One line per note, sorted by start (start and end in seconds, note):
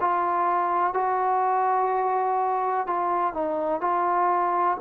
0.00 0.93 F4
0.93 2.86 F#4
2.86 3.33 F4
3.33 3.80 D#4
3.80 4.77 F4